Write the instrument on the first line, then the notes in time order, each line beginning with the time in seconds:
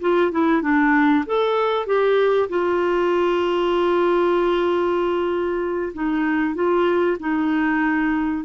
clarinet
0.00 F4
0.31 E4
0.62 D4
1.26 A4
1.86 G4
2.49 F4
5.93 D#4
6.55 F4
7.19 D#4